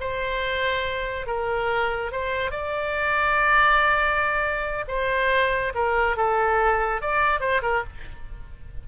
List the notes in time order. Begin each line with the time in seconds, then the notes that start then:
0.00 C5
1.27 A#4
2.12 C5
2.51 D5
4.88 C5
5.74 A#4
6.17 A4
7.01 D5
7.40 C5
7.62 A#4